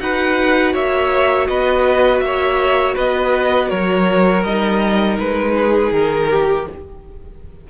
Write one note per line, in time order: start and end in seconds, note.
0.00 0.74 D#4
0.00 4.44 F#4
0.00 0.73 B4
0.00 0.74 F#5
0.73 1.48 A#3
0.73 1.48 C#5
0.73 1.47 E5
1.47 2.21 B3
1.47 2.24 B4
1.47 2.20 D#5
2.20 2.95 A#3
2.20 2.95 C#5
2.20 2.94 E5
2.95 3.71 B3
2.95 3.69 B4
2.95 3.70 D#5
3.69 4.44 F#3
3.69 5.54 A#4
3.69 4.44 C#5
4.44 5.18 G3
4.44 6.70 D#4
4.44 5.18 D#5
5.19 5.92 G#3
5.19 5.93 B4
5.57 6.30 G#4
5.92 6.66 D#3
5.92 6.67 A#4
6.30 6.67 G4